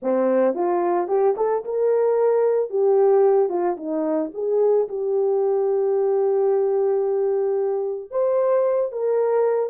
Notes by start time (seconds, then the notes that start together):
0.02 C4
0.54 F4
1.07 G4
1.36 A4
1.64 A#4
2.70 G4
3.49 F4
3.76 D#4
4.34 G#4
4.88 G4
8.11 C5
8.92 A#4